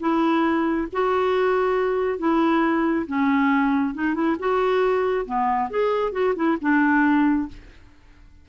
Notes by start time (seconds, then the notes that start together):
0.00 E4
0.92 F#4
2.18 E4
3.07 C#4
3.94 D#4
4.14 E4
4.39 F#4
5.26 B3
5.70 G#4
6.12 F#4
6.35 E4
6.61 D4